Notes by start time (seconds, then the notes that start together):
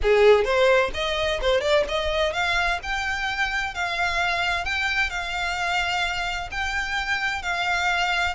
0.02 G#4
0.44 C5
0.93 D#5
1.41 C5
1.60 D5
1.88 D#5
2.33 F5
2.82 G5
3.74 F5
4.64 G5
5.10 F5
6.51 G5
7.42 F5